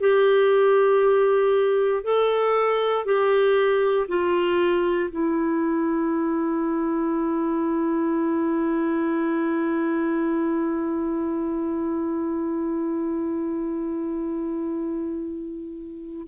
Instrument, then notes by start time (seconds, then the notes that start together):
clarinet
0.00 G4
2.04 A4
3.05 G4
4.08 F4
5.11 E4